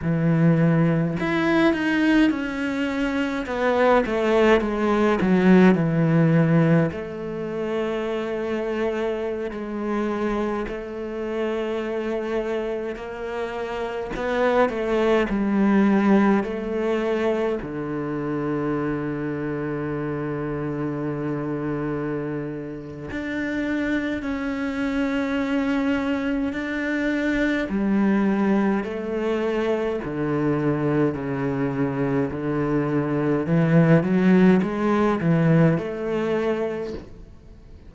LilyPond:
\new Staff \with { instrumentName = "cello" } { \time 4/4 \tempo 4 = 52 e4 e'8 dis'8 cis'4 b8 a8 | gis8 fis8 e4 a2~ | a16 gis4 a2 ais8.~ | ais16 b8 a8 g4 a4 d8.~ |
d1 | d'4 cis'2 d'4 | g4 a4 d4 cis4 | d4 e8 fis8 gis8 e8 a4 | }